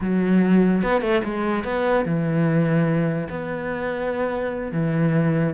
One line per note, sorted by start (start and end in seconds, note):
0.00 0.82 F#3
0.82 1.01 B3
1.01 1.22 A3
1.23 1.63 G#3
1.63 2.05 B3
2.05 3.28 E3
3.29 4.72 B3
4.72 5.54 E3